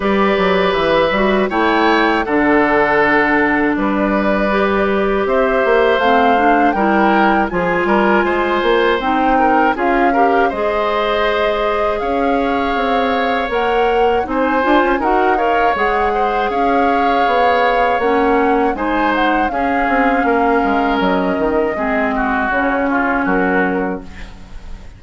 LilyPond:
<<
  \new Staff \with { instrumentName = "flute" } { \time 4/4 \tempo 4 = 80 d''4 e''4 g''4 fis''4~ | fis''4 d''2 e''4 | f''4 g''4 gis''2 | g''4 f''4 dis''2 |
f''2 fis''4 gis''4 | fis''8 f''8 fis''4 f''2 | fis''4 gis''8 fis''8 f''2 | dis''2 cis''4 ais'4 | }
  \new Staff \with { instrumentName = "oboe" } { \time 4/4 b'2 cis''4 a'4~ | a'4 b'2 c''4~ | c''4 ais'4 gis'8 ais'8 c''4~ | c''8 ais'8 gis'8 ais'8 c''2 |
cis''2. c''4 | ais'8 cis''4 c''8 cis''2~ | cis''4 c''4 gis'4 ais'4~ | ais'4 gis'8 fis'4 f'8 fis'4 | }
  \new Staff \with { instrumentName = "clarinet" } { \time 4/4 g'4. fis'8 e'4 d'4~ | d'2 g'2 | c'8 d'8 e'4 f'2 | dis'4 f'8 g'8 gis'2~ |
gis'2 ais'4 dis'8 f'8 | fis'8 ais'8 gis'2. | cis'4 dis'4 cis'2~ | cis'4 c'4 cis'2 | }
  \new Staff \with { instrumentName = "bassoon" } { \time 4/4 g8 fis8 e8 g8 a4 d4~ | d4 g2 c'8 ais8 | a4 g4 f8 g8 gis8 ais8 | c'4 cis'4 gis2 |
cis'4 c'4 ais4 c'8 d'16 cis'16 | dis'4 gis4 cis'4 b4 | ais4 gis4 cis'8 c'8 ais8 gis8 | fis8 dis8 gis4 cis4 fis4 | }
>>